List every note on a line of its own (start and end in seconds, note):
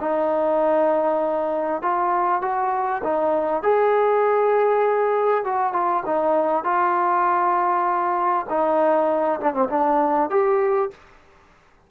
0.00 1.82 D#4
1.82 2.41 F4
2.41 3.02 F#4
3.03 3.62 D#4
3.62 5.44 G#4
5.44 5.73 F#4
5.73 6.03 F4
6.05 6.64 D#4
6.64 8.45 F4
8.49 9.40 D#4
9.40 9.53 D4
9.53 9.68 C4
9.69 10.29 D4
10.30 10.90 G4